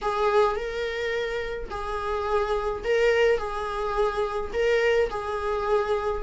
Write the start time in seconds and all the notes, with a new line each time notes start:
0.01 G#4
0.56 A#4
1.70 G#4
2.84 A#4
3.38 G#4
4.53 A#4
5.09 G#4